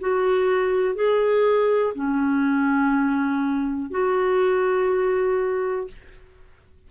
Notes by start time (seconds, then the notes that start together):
0.00 F#4
0.95 G#4
1.94 C#4
3.90 F#4